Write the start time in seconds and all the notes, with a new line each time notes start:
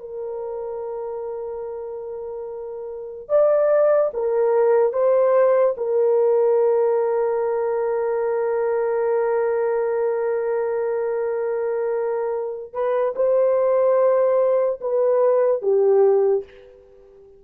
0.00 A#4
3.29 D5
4.14 A#4
4.93 C5
5.77 A#4
12.73 B4
13.16 C5
14.81 B4
15.62 G4